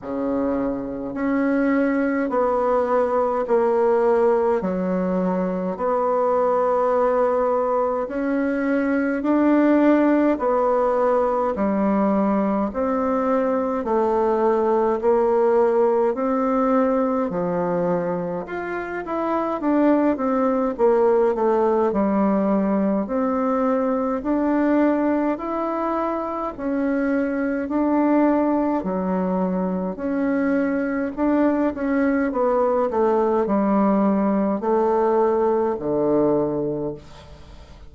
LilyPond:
\new Staff \with { instrumentName = "bassoon" } { \time 4/4 \tempo 4 = 52 cis4 cis'4 b4 ais4 | fis4 b2 cis'4 | d'4 b4 g4 c'4 | a4 ais4 c'4 f4 |
f'8 e'8 d'8 c'8 ais8 a8 g4 | c'4 d'4 e'4 cis'4 | d'4 fis4 cis'4 d'8 cis'8 | b8 a8 g4 a4 d4 | }